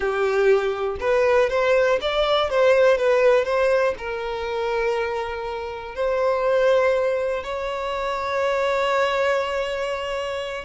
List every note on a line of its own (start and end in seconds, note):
0.00 0.96 G4
1.00 1.49 B4
1.49 1.99 C5
2.01 2.50 D5
2.50 2.97 C5
2.97 3.44 B4
3.44 3.94 C5
3.98 5.95 A#4
5.95 7.43 C5
7.43 10.64 C#5